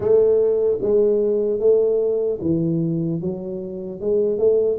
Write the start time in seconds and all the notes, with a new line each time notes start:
0.00 A3
0.81 G#3
1.59 A3
2.41 E3
3.21 F#3
4.00 G#3
4.38 A3